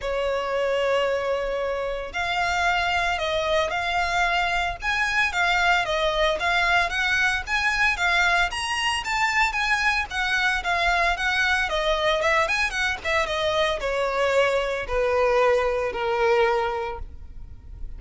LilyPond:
\new Staff \with { instrumentName = "violin" } { \time 4/4 \tempo 4 = 113 cis''1 | f''2 dis''4 f''4~ | f''4 gis''4 f''4 dis''4 | f''4 fis''4 gis''4 f''4 |
ais''4 a''4 gis''4 fis''4 | f''4 fis''4 dis''4 e''8 gis''8 | fis''8 e''8 dis''4 cis''2 | b'2 ais'2 | }